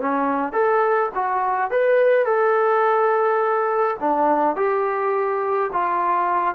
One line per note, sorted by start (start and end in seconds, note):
0.00 0.53 C#4
0.53 1.10 A4
1.15 1.71 F#4
1.71 2.25 B4
2.25 3.97 A4
4.00 4.56 D4
4.56 5.70 G4
5.73 6.55 F4